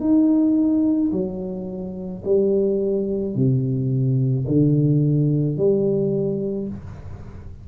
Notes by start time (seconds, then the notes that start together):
0.00 D#4
1.12 F#3
2.25 G3
3.35 C3
4.47 D3
5.57 G3